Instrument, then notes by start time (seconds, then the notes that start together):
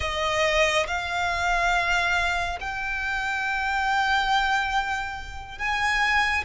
violin
0.00 D#5
0.87 F5
2.60 G5
5.58 G#5